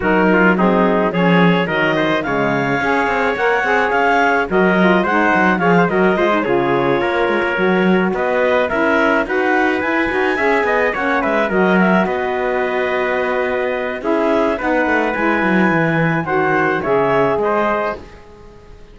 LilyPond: <<
  \new Staff \with { instrumentName = "clarinet" } { \time 4/4 \tempo 4 = 107 ais'4 gis'4 cis''4 dis''4 | f''2 fis''4 f''4 | dis''4 fis''4 f''8 dis''4 cis''8~ | cis''2~ cis''8 dis''4 e''8~ |
e''8 fis''4 gis''2 fis''8 | e''8 dis''8 e''8 dis''2~ dis''8~ | dis''4 e''4 fis''4 gis''4~ | gis''4 fis''4 e''4 dis''4 | }
  \new Staff \with { instrumentName = "trumpet" } { \time 4/4 fis'8 f'8 dis'4 gis'4 ais'8 c''8 | cis''1 | ais'4 c''4 cis''16 c''16 ais'8 c''8 gis'8~ | gis'8 ais'2 b'4 ais'8~ |
ais'8 b'2 e''8 dis''8 cis''8 | b'8 ais'4 b'2~ b'8~ | b'4 gis'4 b'2~ | b'4 c''4 cis''4 c''4 | }
  \new Staff \with { instrumentName = "saxophone" } { \time 4/4 dis'4 c'4 cis'4 fis4 | gis4 gis'4 ais'8 gis'4. | fis'8 f'8 dis'4 gis'8 fis'8 f'16 dis'16 f'8~ | f'4. fis'2 e'8~ |
e'8 fis'4 e'8 fis'8 gis'4 cis'8~ | cis'8 fis'2.~ fis'8~ | fis'4 e'4 dis'4 e'4~ | e'4 fis'4 gis'2 | }
  \new Staff \with { instrumentName = "cello" } { \time 4/4 fis2 f4 dis4 | cis4 cis'8 c'8 ais8 c'8 cis'4 | fis4 gis8 fis8 f8 fis8 gis8 cis8~ | cis8 ais8 gis16 ais16 fis4 b4 cis'8~ |
cis'8 dis'4 e'8 dis'8 cis'8 b8 ais8 | gis8 fis4 b2~ b8~ | b4 cis'4 b8 a8 gis8 fis8 | e4 dis4 cis4 gis4 | }
>>